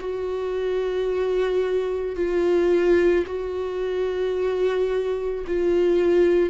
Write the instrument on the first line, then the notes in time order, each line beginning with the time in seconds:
viola
0.00 F#4
2.16 F4
3.26 F#4
5.47 F4